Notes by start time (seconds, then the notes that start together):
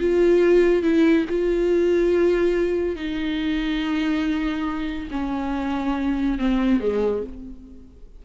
0.00 F4
0.83 E4
1.30 F4
2.96 D#4
5.11 C#4
6.38 C4
6.80 G#3